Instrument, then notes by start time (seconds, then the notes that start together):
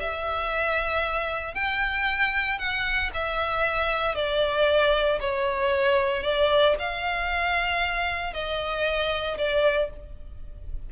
violin
0.00 E5
1.55 G5
2.59 F#5
3.14 E5
4.15 D5
5.21 C#5
6.23 D5
6.79 F5
8.33 D#5
9.38 D5